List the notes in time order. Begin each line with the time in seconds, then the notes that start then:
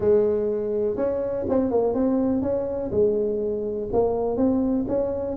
0.00 G#3
0.96 C#4
1.49 C4
1.70 A#3
1.94 C4
2.42 C#4
2.91 G#3
3.92 A#3
4.37 C4
4.88 C#4